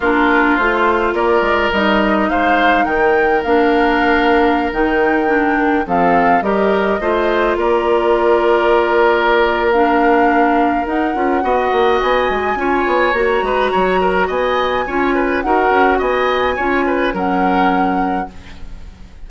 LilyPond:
<<
  \new Staff \with { instrumentName = "flute" } { \time 4/4 \tempo 4 = 105 ais'4 c''4 d''4 dis''4 | f''4 g''4 f''2~ | f''16 g''2 f''4 dis''8.~ | dis''4~ dis''16 d''2~ d''8.~ |
d''4 f''2 fis''4~ | fis''4 gis''2 ais''4~ | ais''4 gis''2 fis''4 | gis''2 fis''2 | }
  \new Staff \with { instrumentName = "oboe" } { \time 4/4 f'2 ais'2 | c''4 ais'2.~ | ais'2~ ais'16 a'4 ais'8.~ | ais'16 c''4 ais'2~ ais'8.~ |
ais'1 | dis''2 cis''4. b'8 | cis''8 ais'8 dis''4 cis''8 b'8 ais'4 | dis''4 cis''8 b'8 ais'2 | }
  \new Staff \with { instrumentName = "clarinet" } { \time 4/4 d'4 f'2 dis'4~ | dis'2 d'2~ | d'16 dis'4 d'4 c'4 g'8.~ | g'16 f'2.~ f'8.~ |
f'4 d'2 dis'8 f'8 | fis'2 f'4 fis'4~ | fis'2 f'4 fis'4~ | fis'4 f'4 cis'2 | }
  \new Staff \with { instrumentName = "bassoon" } { \time 4/4 ais4 a4 ais8 gis8 g4 | gis4 dis4 ais2~ | ais16 dis2 f4 g8.~ | g16 a4 ais2~ ais8.~ |
ais2. dis'8 cis'8 | b8 ais8 b8 gis8 cis'8 b8 ais8 gis8 | fis4 b4 cis'4 dis'8 cis'8 | b4 cis'4 fis2 | }
>>